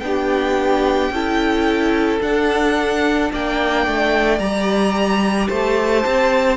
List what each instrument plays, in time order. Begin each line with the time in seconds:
0.00 cello B3, viola D4, violin G4 G5
1.10 cello C#4, viola E4, violin A4
2.21 viola D4, cello D4, violin F#5
3.33 cello A#3, violin D5 G5
3.86 cello A3
4.38 cello G3, viola G4, violin A#5
5.48 cello A3, violin C5 A5
6.05 cello C4